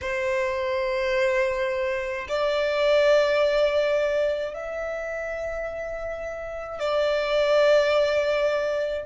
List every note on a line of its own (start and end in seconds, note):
0.01 2.27 C5
2.28 4.54 D5
4.54 6.79 E5
6.79 9.05 D5